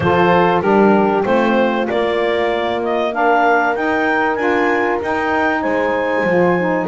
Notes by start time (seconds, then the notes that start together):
0.00 F3 F4 A4 C5
0.61 G3 D4 G4 A#4
1.23 A3 C4 F4 C5
1.88 A#3 D5
2.83 D#5
3.12 D4 A#4 F5
3.75 D#4 G5
4.35 D4 F4 G#5
5.02 D#4 G5
5.61 G#3 C5 G#5
6.23 F3 F4
6.59 D#4